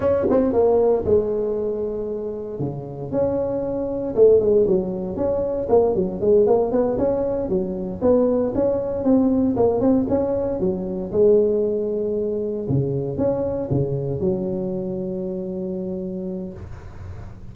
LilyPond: \new Staff \with { instrumentName = "tuba" } { \time 4/4 \tempo 4 = 116 cis'8 c'8 ais4 gis2~ | gis4 cis4 cis'2 | a8 gis8 fis4 cis'4 ais8 fis8 | gis8 ais8 b8 cis'4 fis4 b8~ |
b8 cis'4 c'4 ais8 c'8 cis'8~ | cis'8 fis4 gis2~ gis8~ | gis8 cis4 cis'4 cis4 fis8~ | fis1 | }